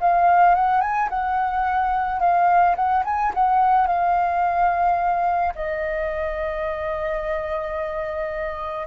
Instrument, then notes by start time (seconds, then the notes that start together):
flute
0.00 F5
0.55 F#5
0.81 G#5
1.09 F#5
2.20 F5
2.75 F#5
3.05 G#5
3.34 F#5
3.87 F5
5.55 D#5